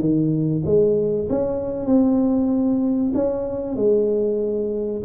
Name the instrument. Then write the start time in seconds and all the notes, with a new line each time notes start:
tuba
0.00 D#3
0.65 G#3
1.29 C#4
1.86 C4
3.14 C#4
3.76 G#3